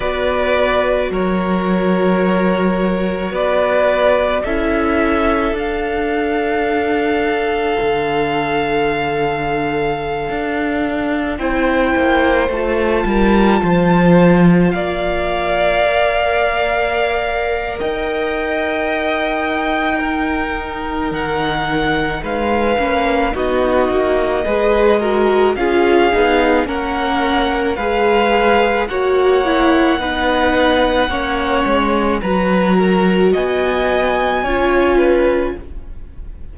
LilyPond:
<<
  \new Staff \with { instrumentName = "violin" } { \time 4/4 \tempo 4 = 54 d''4 cis''2 d''4 | e''4 f''2.~ | f''2~ f''16 g''4 a''8.~ | a''4~ a''16 f''2~ f''8. |
g''2. fis''4 | f''4 dis''2 f''4 | fis''4 f''4 fis''2~ | fis''4 ais''4 gis''2 | }
  \new Staff \with { instrumentName = "violin" } { \time 4/4 b'4 ais'2 b'4 | a'1~ | a'2~ a'16 c''4. ais'16~ | ais'16 c''4 d''2~ d''8. |
dis''2 ais'2 | b'4 fis'4 b'8 ais'8 gis'4 | ais'4 b'4 cis''4 b'4 | cis''4 b'8 ais'8 dis''4 cis''8 b'8 | }
  \new Staff \with { instrumentName = "viola" } { \time 4/4 fis'1 | e'4 d'2.~ | d'2~ d'16 e'4 f'8.~ | f'2~ f'16 ais'4.~ ais'16~ |
ais'2 dis'2~ | dis'8 cis'8 dis'4 gis'8 fis'8 f'8 dis'8 | cis'4 gis'4 fis'8 e'8 dis'4 | cis'4 fis'2 f'4 | }
  \new Staff \with { instrumentName = "cello" } { \time 4/4 b4 fis2 b4 | cis'4 d'2 d4~ | d4~ d16 d'4 c'8 ais8 a8 g16~ | g16 f4 ais2~ ais8. |
dis'2. dis4 | gis8 ais8 b8 ais8 gis4 cis'8 b8 | ais4 gis4 ais4 b4 | ais8 gis8 fis4 b4 cis'4 | }
>>